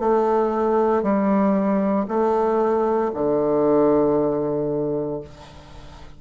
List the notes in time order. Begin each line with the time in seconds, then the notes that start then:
0.00 A3
1.03 G3
2.08 A3
3.15 D3